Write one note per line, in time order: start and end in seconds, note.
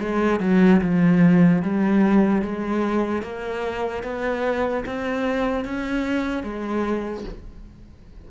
0.00 0.41 G#3
0.41 0.81 F#3
0.82 1.63 F3
1.63 2.43 G3
2.43 3.23 G#3
3.23 4.04 A#3
4.04 4.85 B3
4.86 5.65 C4
5.65 6.43 C#4
6.43 7.25 G#3